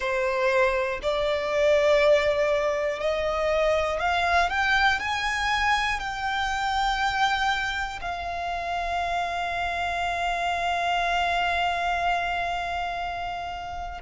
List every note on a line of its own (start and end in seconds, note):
0.00 1.00 C5
1.02 3.00 D5
3.00 4.00 D#5
4.00 4.49 F5
4.49 4.99 G5
5.00 6.00 G#5
6.00 8.00 G5
8.00 14.00 F5